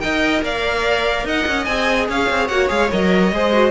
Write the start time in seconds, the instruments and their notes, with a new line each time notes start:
0.00 cello D#4, viola A#4, violin D#5 G5
0.42 cello A#3, violin D5 F5
1.25 cello D#4, violin D#5 F#5
1.47 cello C#4
1.65 cello C4, viola G#4, violin G#5
2.09 cello C#4, violin C#5 F5
2.30 cello C4
2.48 cello A#3, viola F#4, violin F#5
2.68 cello G#3, viola G#4, violin F5
2.91 cello F#3, viola A#4, violin D#5
3.33 cello G#3, viola G#4, violin C5
3.53 viola F#4